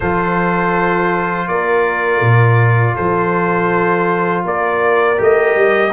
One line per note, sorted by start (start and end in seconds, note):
0.00 1.48 F3
0.00 5.17 F4
0.00 1.47 A4
0.00 1.47 C5
1.47 2.20 A#3
1.47 2.95 A#4
1.47 2.95 D5
2.20 2.94 A#2
2.95 4.44 F3
2.95 4.43 A4
2.95 4.44 C5
4.44 5.18 A#3
4.44 5.92 A#4
4.44 5.20 D5
5.17 5.55 A3
5.17 5.91 G4
5.17 5.93 D#5
5.55 5.92 G3